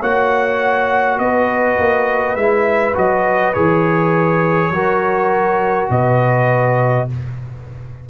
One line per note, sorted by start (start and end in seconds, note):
0.00 1.19 A#3
0.00 2.38 F#4
0.00 1.18 C#5
0.00 1.19 F#5
1.19 1.78 B3
1.19 4.74 B4
1.19 2.36 D#5
1.78 2.36 A#3
2.36 2.94 G#3
2.36 2.95 E4
2.36 2.95 E5
2.95 3.56 F#3
2.95 3.53 F#4
2.95 3.54 D#5
3.54 4.71 E3
3.54 4.73 G#4
3.54 5.89 C#5
4.71 5.88 F#3
4.71 7.10 F#4
4.71 5.91 A#4
5.90 7.08 B2
5.90 7.09 B4
5.90 7.09 D#5